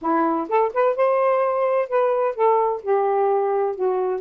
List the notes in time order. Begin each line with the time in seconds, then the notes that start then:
0.01 E4
0.48 A4
0.73 B4
0.95 C5
1.88 B4
2.35 A4
2.82 G4
3.75 F#4